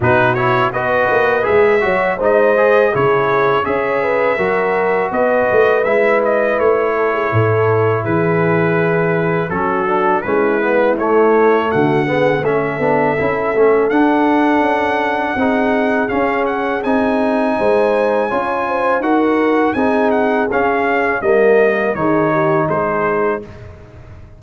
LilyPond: <<
  \new Staff \with { instrumentName = "trumpet" } { \time 4/4 \tempo 4 = 82 b'8 cis''8 dis''4 e''4 dis''4 | cis''4 e''2 dis''4 | e''8 dis''8 cis''2 b'4~ | b'4 a'4 b'4 cis''4 |
fis''4 e''2 fis''4~ | fis''2 f''8 fis''8 gis''4~ | gis''2 fis''4 gis''8 fis''8 | f''4 dis''4 cis''4 c''4 | }
  \new Staff \with { instrumentName = "horn" } { \time 4/4 fis'4 b'4. cis''8 c''4 | gis'4 cis''8 b'8 ais'4 b'4~ | b'4. a'16 gis'16 a'4 gis'4~ | gis'4 fis'4 e'2 |
fis'8 gis'8 a'2.~ | a'4 gis'2. | c''4 cis''8 c''8 ais'4 gis'4~ | gis'4 ais'4 gis'8 g'8 gis'4 | }
  \new Staff \with { instrumentName = "trombone" } { \time 4/4 dis'8 e'8 fis'4 gis'8 fis'8 dis'8 gis'8 | e'4 gis'4 fis'2 | e'1~ | e'4 cis'8 d'8 cis'8 b8 a4~ |
a8 b8 cis'8 d'8 e'8 cis'8 d'4~ | d'4 dis'4 cis'4 dis'4~ | dis'4 f'4 fis'4 dis'4 | cis'4 ais4 dis'2 | }
  \new Staff \with { instrumentName = "tuba" } { \time 4/4 b,4 b8 ais8 gis8 fis8 gis4 | cis4 cis'4 fis4 b8 a8 | gis4 a4 a,4 e4~ | e4 fis4 gis4 a4 |
d4 a8 b8 cis'8 a8 d'4 | cis'4 c'4 cis'4 c'4 | gis4 cis'4 dis'4 c'4 | cis'4 g4 dis4 gis4 | }
>>